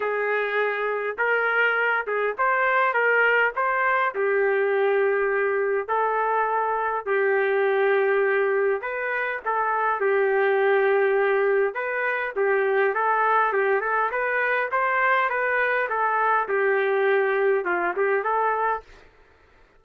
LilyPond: \new Staff \with { instrumentName = "trumpet" } { \time 4/4 \tempo 4 = 102 gis'2 ais'4. gis'8 | c''4 ais'4 c''4 g'4~ | g'2 a'2 | g'2. b'4 |
a'4 g'2. | b'4 g'4 a'4 g'8 a'8 | b'4 c''4 b'4 a'4 | g'2 f'8 g'8 a'4 | }